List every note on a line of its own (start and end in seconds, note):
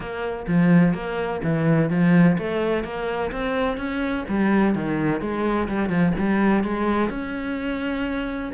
0.00 0.46 A#3
0.47 0.94 F3
0.94 1.41 A#3
1.43 1.90 E3
1.90 2.37 F3
2.38 2.84 A3
2.84 3.31 A#3
3.31 3.77 C4
3.77 4.24 C#4
4.28 4.74 G3
4.74 5.21 D#3
5.21 5.68 G#3
5.68 5.89 G3
5.89 6.12 F3
6.18 6.63 G3
6.63 7.09 G#3
7.09 8.51 C#4